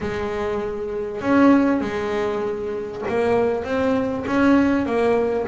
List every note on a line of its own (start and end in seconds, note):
0.00 1.21 G#3
1.21 1.80 C#4
1.80 3.01 G#3
3.08 3.64 A#3
3.64 4.24 C4
4.26 4.86 C#4
4.86 5.46 A#3